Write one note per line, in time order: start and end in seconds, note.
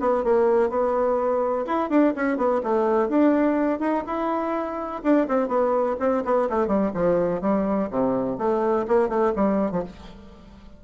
0.00 0.24 B3
0.24 0.70 A#3
0.70 1.66 B3
1.66 1.90 E4
1.90 2.14 D4
2.16 2.37 C#4
2.37 2.61 B3
2.64 3.09 A3
3.09 3.80 D4
3.80 4.04 D#4
4.06 5.02 E4
5.03 5.27 D4
5.28 5.48 C4
5.48 5.96 B3
6.00 6.24 C4
6.25 6.49 B3
6.50 6.67 A3
6.67 6.91 G3
6.94 7.41 F3
7.41 7.89 G3
7.90 8.38 C3
8.38 8.86 A3
8.88 9.09 A#3
9.09 9.33 A3
9.36 9.71 G3
9.71 9.83 F3